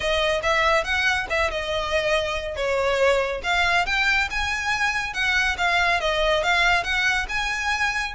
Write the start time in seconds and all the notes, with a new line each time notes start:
0.00 D#5
0.42 E5
0.84 F#5
1.29 E5
1.50 D#5
2.56 C#5
3.43 F5
3.86 G5
4.30 G#5
5.13 F#5
5.57 F5
6.00 D#5
6.43 F5
6.83 F#5
7.28 G#5